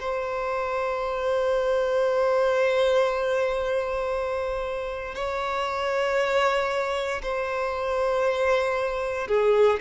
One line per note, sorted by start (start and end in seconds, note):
0.00 5.15 C5
5.15 7.22 C#5
7.23 9.28 C5
9.28 9.79 G#4